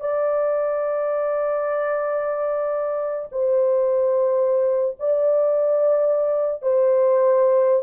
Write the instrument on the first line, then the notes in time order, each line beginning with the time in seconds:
horn
0.00 D5
3.32 C5
4.99 D5
6.62 C5